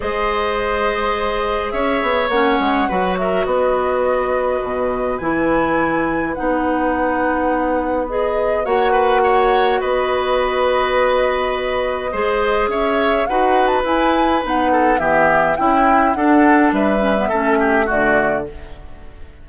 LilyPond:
<<
  \new Staff \with { instrumentName = "flute" } { \time 4/4 \tempo 4 = 104 dis''2. e''4 | fis''4. e''8 dis''2~ | dis''4 gis''2 fis''4~ | fis''2 dis''4 fis''4~ |
fis''4 dis''2.~ | dis''2 e''4 fis''8. a''16 | gis''4 fis''4 e''4 g''4 | fis''4 e''2 d''4 | }
  \new Staff \with { instrumentName = "oboe" } { \time 4/4 c''2. cis''4~ | cis''4 b'8 ais'8 b'2~ | b'1~ | b'2. cis''8 b'8 |
cis''4 b'2.~ | b'4 c''4 cis''4 b'4~ | b'4. a'8 g'4 e'4 | a'4 b'4 a'8 g'8 fis'4 | }
  \new Staff \with { instrumentName = "clarinet" } { \time 4/4 gis'1 | cis'4 fis'2.~ | fis'4 e'2 dis'4~ | dis'2 gis'4 fis'4~ |
fis'1~ | fis'4 gis'2 fis'4 | e'4 dis'4 b4 e'4 | d'4. cis'16 b16 cis'4 a4 | }
  \new Staff \with { instrumentName = "bassoon" } { \time 4/4 gis2. cis'8 b8 | ais8 gis8 fis4 b2 | b,4 e2 b4~ | b2. ais4~ |
ais4 b2.~ | b4 gis4 cis'4 dis'4 | e'4 b4 e4 cis'4 | d'4 g4 a4 d4 | }
>>